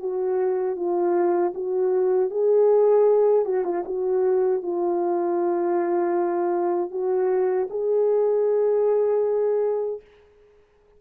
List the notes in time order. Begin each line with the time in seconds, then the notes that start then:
0.00 F#4
0.77 F4
1.55 F#4
2.31 G#4
3.45 F#4
3.65 F4
3.86 F#4
4.63 F4
6.91 F#4
7.71 G#4